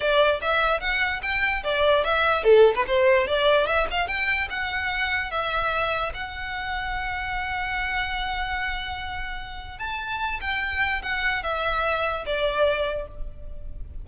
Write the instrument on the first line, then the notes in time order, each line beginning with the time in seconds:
violin
0.00 D5
0.41 E5
0.80 F#5
1.22 G5
1.63 D5
2.04 E5
2.43 A4
2.75 B4
2.87 C5
3.27 D5
3.66 E5
3.90 F5
4.07 G5
4.50 F#5
5.30 E5
6.14 F#5
9.78 A5
10.41 G5
11.02 F#5
11.43 E5
12.26 D5